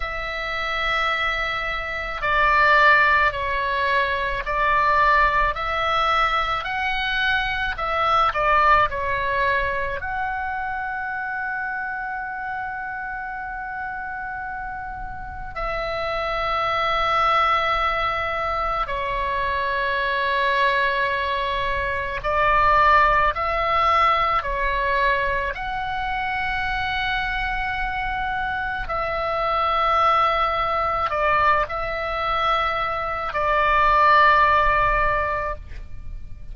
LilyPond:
\new Staff \with { instrumentName = "oboe" } { \time 4/4 \tempo 4 = 54 e''2 d''4 cis''4 | d''4 e''4 fis''4 e''8 d''8 | cis''4 fis''2.~ | fis''2 e''2~ |
e''4 cis''2. | d''4 e''4 cis''4 fis''4~ | fis''2 e''2 | d''8 e''4. d''2 | }